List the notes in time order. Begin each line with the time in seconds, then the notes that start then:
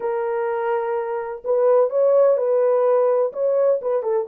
0.00 A#4
1.44 B4
1.90 C#5
2.37 B4
3.32 C#5
3.81 B4
4.02 A4